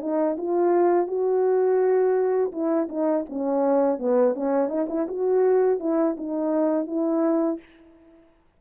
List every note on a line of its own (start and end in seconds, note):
0.00 0.36 D#4
0.37 1.07 F4
1.07 2.51 F#4
2.52 2.88 E4
2.88 3.25 D#4
3.29 3.98 C#4
3.98 4.34 B3
4.34 4.68 C#4
4.68 4.86 D#4
4.89 5.07 E4
5.08 5.79 F#4
5.79 6.15 E4
6.17 6.86 D#4
6.86 7.59 E4